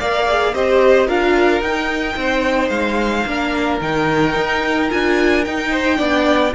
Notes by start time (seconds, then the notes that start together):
0.00 A#3 A#4 D5 F5
0.29 G#4
0.54 C4 G4 C5 D#5
1.08 D4 F4 A#4 F5
1.61 D#4 G5
2.17 C4 C5
2.70 G#3 F5
3.26 A#3 D4 A#4
3.82 D#3 D#4 G5
4.36 D#4
4.90 D4 F4 G#5
5.45 D#4 G5
5.71 C5
5.96 B3 D4 D5